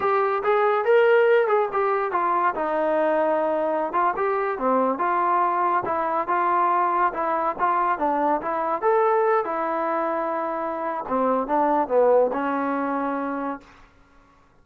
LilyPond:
\new Staff \with { instrumentName = "trombone" } { \time 4/4 \tempo 4 = 141 g'4 gis'4 ais'4. gis'8 | g'4 f'4 dis'2~ | dis'4~ dis'16 f'8 g'4 c'4 f'16~ | f'4.~ f'16 e'4 f'4~ f'16~ |
f'8. e'4 f'4 d'4 e'16~ | e'8. a'4. e'4.~ e'16~ | e'2 c'4 d'4 | b4 cis'2. | }